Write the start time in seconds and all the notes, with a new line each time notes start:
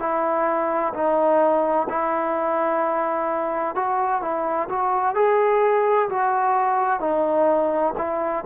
0.00 E4
0.95 D#4
1.90 E4
3.76 F#4
4.22 E4
4.69 F#4
5.15 G#4
6.10 F#4
7.00 D#4
7.98 E4